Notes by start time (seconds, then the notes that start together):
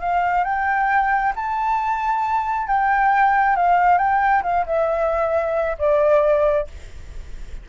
0.00 F5
0.44 G5
1.36 A5
2.67 G5
3.56 F5
3.98 G5
4.43 F5
4.66 E5
5.78 D5